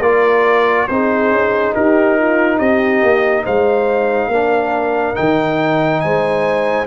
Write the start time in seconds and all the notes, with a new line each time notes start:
0.00 A#3 F4 A#4 D5
0.88 C4 D#4 G#4 C5
1.31 C#4
1.74 D#4 G4 A#4
2.19 F4
2.58 C4 G4 D#5
3.03 A#3
3.43 G#3 C5 F5
4.28 A#3 D4 A#4
5.15 D#3 D#4 G5
6.01 G#3 C5 G#5